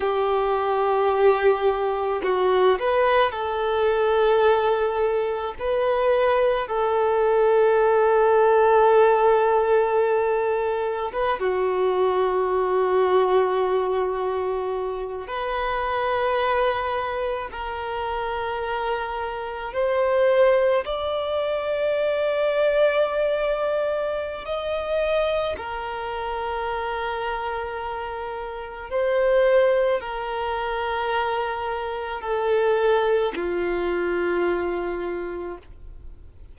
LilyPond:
\new Staff \with { instrumentName = "violin" } { \time 4/4 \tempo 4 = 54 g'2 fis'8 b'8 a'4~ | a'4 b'4 a'2~ | a'2 b'16 fis'4.~ fis'16~ | fis'4.~ fis'16 b'2 ais'16~ |
ais'4.~ ais'16 c''4 d''4~ d''16~ | d''2 dis''4 ais'4~ | ais'2 c''4 ais'4~ | ais'4 a'4 f'2 | }